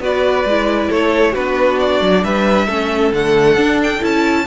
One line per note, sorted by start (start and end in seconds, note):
0.00 0.44 B3
0.00 0.46 F#4
0.00 0.90 B4
0.00 0.91 D5
0.45 0.89 G#3
0.45 1.35 E4
0.90 1.36 A3
0.90 1.32 A4
0.90 1.35 C#5
1.32 2.01 B3
1.32 2.69 D4
1.32 2.21 F#4
1.32 1.79 B4
1.80 2.24 D5
2.01 2.24 F#3
2.24 2.68 G3
2.24 2.67 B4
2.24 3.13 E5
2.67 3.12 A3
2.67 3.13 C#4
2.67 4.44 A4
3.13 3.57 D3
3.13 3.57 A3
3.13 3.81 F#5
3.57 4.01 D4
3.57 4.00 D4
3.83 4.04 G5
4.00 4.47 C#4
4.00 4.45 E4
4.00 4.47 A5